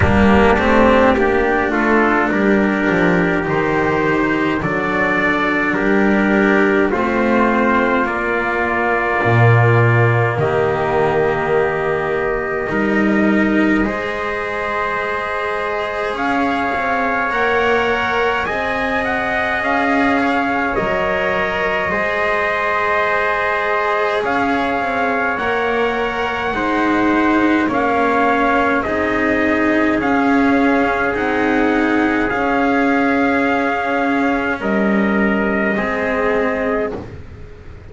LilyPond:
<<
  \new Staff \with { instrumentName = "trumpet" } { \time 4/4 \tempo 4 = 52 g'4. a'8 ais'4 c''4 | d''4 ais'4 c''4 d''4~ | d''4 dis''2.~ | dis''2 f''4 fis''4 |
gis''8 fis''8 f''4 dis''2~ | dis''4 f''4 fis''2 | f''4 dis''4 f''4 fis''4 | f''2 dis''2 | }
  \new Staff \with { instrumentName = "trumpet" } { \time 4/4 d'4 g'8 f'8 g'2 | a'4 g'4 f'2~ | f'4 g'2 ais'4 | c''2 cis''2 |
dis''4. cis''4. c''4~ | c''4 cis''2 c''4 | cis''4 gis'2.~ | gis'2 ais'4 gis'4 | }
  \new Staff \with { instrumentName = "cello" } { \time 4/4 ais8 c'8 d'2 dis'4 | d'2 c'4 ais4~ | ais2. dis'4 | gis'2. ais'4 |
gis'2 ais'4 gis'4~ | gis'2 ais'4 dis'4 | cis'4 dis'4 cis'4 dis'4 | cis'2. c'4 | }
  \new Staff \with { instrumentName = "double bass" } { \time 4/4 g8 a8 ais8 a8 g8 f8 dis4 | fis4 g4 a4 ais4 | ais,4 dis2 g4 | gis2 cis'8 c'8 ais4 |
c'4 cis'4 fis4 gis4~ | gis4 cis'8 c'8 ais4 gis4 | ais4 c'4 cis'4 c'4 | cis'2 g4 gis4 | }
>>